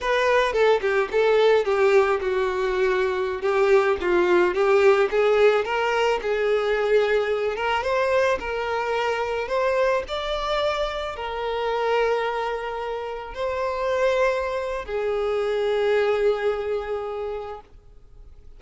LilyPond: \new Staff \with { instrumentName = "violin" } { \time 4/4 \tempo 4 = 109 b'4 a'8 g'8 a'4 g'4 | fis'2~ fis'16 g'4 f'8.~ | f'16 g'4 gis'4 ais'4 gis'8.~ | gis'4.~ gis'16 ais'8 c''4 ais'8.~ |
ais'4~ ais'16 c''4 d''4.~ d''16~ | d''16 ais'2.~ ais'8.~ | ais'16 c''2~ c''8. gis'4~ | gis'1 | }